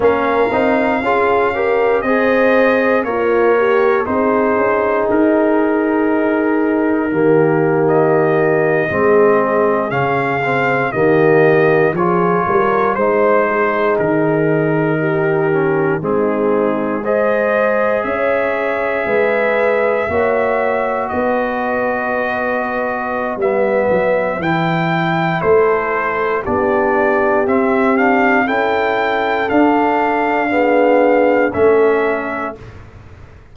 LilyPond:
<<
  \new Staff \with { instrumentName = "trumpet" } { \time 4/4 \tempo 4 = 59 f''2 dis''4 cis''4 | c''4 ais'2~ ais'8. dis''16~ | dis''4.~ dis''16 f''4 dis''4 cis''16~ | cis''8. c''4 ais'2 gis'16~ |
gis'8. dis''4 e''2~ e''16~ | e''8. dis''2~ dis''16 e''4 | g''4 c''4 d''4 e''8 f''8 | g''4 f''2 e''4 | }
  \new Staff \with { instrumentName = "horn" } { \time 4/4 ais'4 gis'8 ais'8 c''4 f'8 g'8 | gis'2. g'4~ | g'8. gis'2 g'4 gis'16~ | gis'16 ais'8 c''8 gis'4. g'4 dis'16~ |
dis'8. c''4 cis''4 b'4 cis''16~ | cis''8. b'2.~ b'16~ | b'4 a'4 g'2 | a'2 gis'4 a'4 | }
  \new Staff \with { instrumentName = "trombone" } { \time 4/4 cis'8 dis'8 f'8 g'8 gis'4 ais'4 | dis'2. ais4~ | ais8. c'4 cis'8 c'8 ais4 f'16~ | f'8. dis'2~ dis'8 cis'8 c'16~ |
c'8. gis'2. fis'16~ | fis'2. b4 | e'2 d'4 c'8 d'8 | e'4 d'4 b4 cis'4 | }
  \new Staff \with { instrumentName = "tuba" } { \time 4/4 ais8 c'8 cis'4 c'4 ais4 | c'8 cis'8 dis'2 dis4~ | dis8. gis4 cis4 dis4 f16~ | f16 g8 gis4 dis2 gis16~ |
gis4.~ gis16 cis'4 gis4 ais16~ | ais8. b2~ b16 g8 fis8 | e4 a4 b4 c'4 | cis'4 d'2 a4 | }
>>